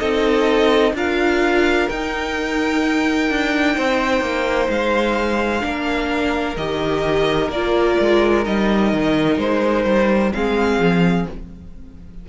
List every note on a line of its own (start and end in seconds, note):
0.00 0.94 C4
0.00 0.94 D#4
0.00 0.94 A4
0.00 0.94 D#5
0.94 1.88 D4
0.94 1.90 F4
0.94 3.76 A#4
0.94 1.89 F5
1.89 3.30 D#4
1.89 5.61 D#4
1.89 4.70 G5
3.30 3.77 D4
3.76 4.21 C4
3.76 5.63 C5
4.21 4.68 A#3
4.69 5.63 G#3
4.69 6.57 F5
5.61 6.57 A#3
5.61 6.55 D4
5.61 10.34 A#4
6.57 7.49 D#3
6.57 7.52 G4
6.57 7.51 D#5
7.49 7.96 A#3
7.49 8.44 F4
7.49 8.45 D5
8.00 8.47 G#3
8.44 8.93 G3
8.44 10.32 D#4
8.44 9.39 D#5
8.93 9.38 D#3
9.38 9.85 G#3
9.38 10.33 C5
9.85 10.32 G3
10.33 10.79 G#3
10.33 11.27 C4
10.33 11.29 G#4
10.33 11.27 F5
10.79 11.26 F3